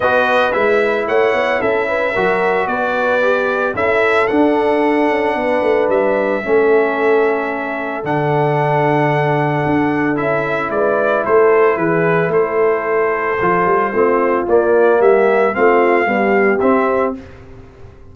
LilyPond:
<<
  \new Staff \with { instrumentName = "trumpet" } { \time 4/4 \tempo 4 = 112 dis''4 e''4 fis''4 e''4~ | e''4 d''2 e''4 | fis''2. e''4~ | e''2. fis''4~ |
fis''2. e''4 | d''4 c''4 b'4 c''4~ | c''2. d''4 | e''4 f''2 e''4 | }
  \new Staff \with { instrumentName = "horn" } { \time 4/4 b'2 cis''4 a'8 b'8 | ais'4 b'2 a'4~ | a'2 b'2 | a'1~ |
a'1 | b'4 a'4 gis'4 a'4~ | a'2 f'2 | g'4 f'4 g'2 | }
  \new Staff \with { instrumentName = "trombone" } { \time 4/4 fis'4 e'2. | fis'2 g'4 e'4 | d'1 | cis'2. d'4~ |
d'2. e'4~ | e'1~ | e'4 f'4 c'4 ais4~ | ais4 c'4 g4 c'4 | }
  \new Staff \with { instrumentName = "tuba" } { \time 4/4 b4 gis4 a8 b8 cis'4 | fis4 b2 cis'4 | d'4. cis'8 b8 a8 g4 | a2. d4~ |
d2 d'4 cis'4 | gis4 a4 e4 a4~ | a4 f8 g8 a4 ais4 | g4 a4 b4 c'4 | }
>>